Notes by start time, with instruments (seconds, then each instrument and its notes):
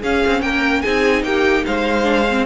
0.00 viola C#4, cello C#4, violin G#4 F5
0.27 cello C4
0.42 cello A#3, violin A#4 G5
0.82 cello C4, viola D#4, violin G#4 G#5
1.23 cello A#3, violin G4 G5
1.66 cello G#3, violin C5 F5
2.03 viola D4
2.30 viola C4